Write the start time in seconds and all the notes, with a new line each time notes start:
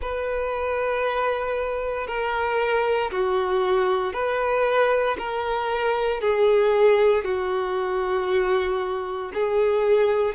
0.01 B4
2.07 A#4
3.11 F#4
4.13 B4
5.18 A#4
6.21 G#4
7.24 F#4
9.34 G#4